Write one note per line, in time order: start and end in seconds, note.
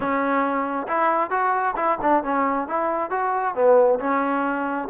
0.00 0.87 C#4
0.87 1.30 E4
1.30 1.75 F#4
1.76 1.98 E4
2.01 2.23 D4
2.23 2.67 C#4
2.67 3.10 E4
3.10 3.54 F#4
3.54 3.99 B3
3.99 4.88 C#4